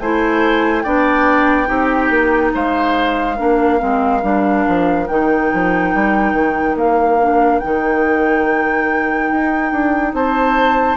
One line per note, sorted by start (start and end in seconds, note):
0.00 0.85 A3
0.00 0.85 E4
0.00 0.84 C5
0.00 0.83 G#5
0.83 1.69 B3
0.83 1.66 D4
0.83 1.68 D5
0.83 2.52 G5
1.66 2.10 C4
1.66 3.35 D#4
1.66 2.53 G4
2.10 2.53 A#3
2.55 3.39 G#3
2.55 3.37 C5
2.55 5.07 F5
3.37 3.82 A#3
3.37 3.79 D4
3.37 10.13 A#4
3.79 4.23 G#3
3.79 4.21 C4
4.23 4.66 G3
4.23 5.08 D4
4.68 5.09 F3
5.07 5.51 D#3
5.07 7.20 D#4
5.07 6.76 G5
5.54 5.94 F3
5.94 6.33 G3
6.33 6.76 D#3
6.76 7.60 A#3
6.76 7.60 F5
7.20 7.62 D4
7.60 9.32 D#3
7.60 10.97 D#4
7.60 10.13 G5
9.32 9.72 D#4
9.72 10.14 D4
10.14 10.97 C4
10.14 10.97 C5
10.14 10.97 A5